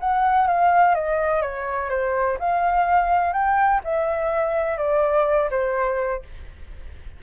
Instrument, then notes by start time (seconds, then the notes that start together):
flute
0.00 F#5
0.47 F5
0.95 D#5
1.42 C#5
1.90 C5
2.39 F5
3.33 G5
3.84 E5
4.78 D5
5.50 C5